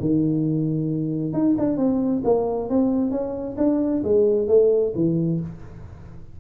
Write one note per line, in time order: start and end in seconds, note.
0.00 1.33 D#3
1.33 1.55 D#4
1.58 1.77 D4
1.77 2.22 C4
2.24 2.69 A#3
2.69 3.11 C4
3.11 3.56 C#4
3.57 4.03 D4
4.04 4.48 G#3
4.48 4.93 A3
4.95 5.40 E3